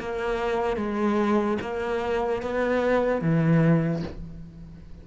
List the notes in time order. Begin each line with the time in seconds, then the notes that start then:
0.00 A#3
0.77 G#3
1.61 A#3
2.42 B3
3.21 E3